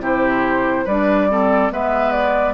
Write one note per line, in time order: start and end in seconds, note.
0.00 0.85 C3
0.00 0.86 E4
0.00 0.85 G4
0.00 0.87 C5
0.85 1.71 G3
0.85 1.30 D4
0.85 1.27 B4
0.85 1.72 D5
1.30 1.71 C4
1.30 1.73 A4
1.71 2.54 G#3
1.71 2.54 B3
1.71 2.54 B4
1.71 2.12 E5
2.12 2.54 D5